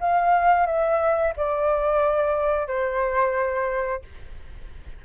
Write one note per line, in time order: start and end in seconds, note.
0.00 0.66 F5
0.66 1.33 E5
1.37 2.67 D5
2.67 4.02 C5